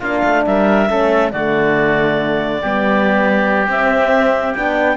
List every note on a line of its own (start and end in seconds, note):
0.00 0.23 A#3
0.00 0.89 D4
0.00 0.43 F4
0.00 0.46 F5
0.25 0.46 A3
0.46 0.90 G3
0.46 0.90 A#4
0.46 1.32 E5
0.89 1.34 A3
0.89 1.32 C#4
0.89 1.33 A4
1.32 2.63 D3
1.32 2.62 A3
1.32 2.62 F#4
1.32 3.70 D5
2.62 3.68 G3
2.62 3.70 B3
2.62 4.97 G4
3.68 4.54 C4
3.68 4.56 C4
3.68 4.54 E5
4.54 4.97 B3
4.54 4.97 D4
4.54 4.97 G5